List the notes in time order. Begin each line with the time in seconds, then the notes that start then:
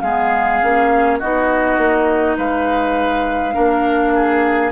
0.00 G#3 B3 G#4 F5
0.62 A#3 C#4
1.19 B3 D#4 F#4 D#5
1.77 A#3
2.37 G#3 B4 F5
3.53 A#3 D4 A#4
4.14 G#4